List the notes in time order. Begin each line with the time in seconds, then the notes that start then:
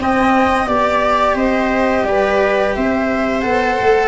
0.00 C4 D#5 G5
0.66 B3 G4 D5
1.35 C4 C5 D#5
2.04 G3 B4 D5
2.75 C4 C5 E5
3.41 B3 A4 F#5
3.80 A3